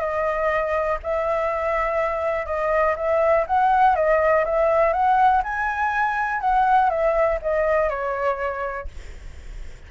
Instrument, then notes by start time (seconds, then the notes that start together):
flute
0.00 D#5
1.03 E5
2.46 D#5
2.96 E5
3.47 F#5
3.96 D#5
4.45 E5
4.93 F#5
5.43 G#5
6.40 F#5
6.90 E5
7.42 D#5
7.89 C#5